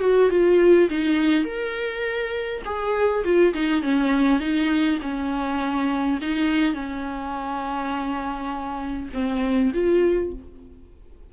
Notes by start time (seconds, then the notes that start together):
0.00 F#4
0.30 F4
0.90 D#4
1.44 A#4
2.65 G#4
3.24 F4
3.53 D#4
3.82 C#4
4.40 D#4
5.02 C#4
6.21 D#4
6.74 C#4
9.13 C4
9.74 F4